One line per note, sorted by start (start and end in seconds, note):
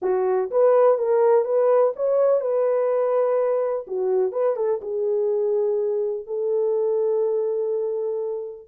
0.02 0.50 F#4
0.51 0.98 B4
0.98 1.44 A#4
1.44 1.93 B4
1.96 2.40 C#5
2.40 3.86 B4
3.87 4.32 F#4
4.32 4.56 B4
4.56 4.80 A4
4.81 6.26 G#4
6.26 8.68 A4